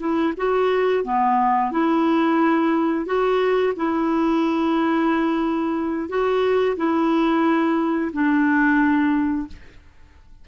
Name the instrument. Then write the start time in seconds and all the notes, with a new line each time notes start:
clarinet
0.00 E4
0.37 F#4
1.04 B3
1.72 E4
3.06 F#4
3.77 E4
6.09 F#4
6.77 E4
8.13 D4